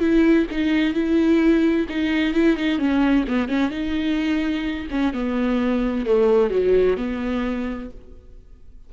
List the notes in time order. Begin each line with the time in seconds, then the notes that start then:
0.00 E4
0.51 D#4
0.94 E4
1.89 D#4
2.34 E4
2.57 D#4
2.79 C#4
3.28 B3
3.48 C#4
3.71 D#4
4.91 C#4
5.14 B3
6.06 A3
6.51 F#3
6.97 B3